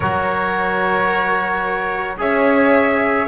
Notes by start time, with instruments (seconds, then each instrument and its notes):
0.00 double bass F#3, trombone F#4, violin A#4, trumpet C#5
2.18 double bass C#4, trombone G#4, violin C#5, trumpet E5